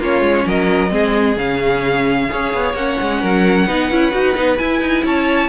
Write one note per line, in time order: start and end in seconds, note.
0.00 0.22 A#3
0.00 0.90 C#4
0.00 0.46 F4
0.00 0.48 C#5
0.22 0.45 G#3
0.46 0.92 F#3
0.46 0.92 A#4
0.46 1.38 D#5
0.90 1.37 G#3
0.90 1.36 C4
0.90 2.31 G#4
1.37 2.29 C#3
1.37 2.30 C#4
1.37 2.75 F5
2.30 2.54 C#4
2.30 2.76 G#4
2.30 3.22 C#5
2.54 2.74 B3
2.74 2.97 A#3
2.74 3.68 C#4
2.74 4.58 F#5
3.02 3.24 G#3
3.22 3.67 F#3
3.22 3.67 A#4
3.67 3.90 B3
3.67 3.91 D#4
3.67 5.04 B4
3.91 4.14 C#4
3.91 4.12 E4
4.12 4.37 D#4
4.12 4.35 F#4
4.35 4.60 B3
4.35 4.58 D#4
4.58 5.49 E4
4.58 4.81 E4
4.58 5.04 G#5
4.81 5.04 D#4
5.04 5.49 C#4
5.04 5.49 C#5
5.04 5.49 A5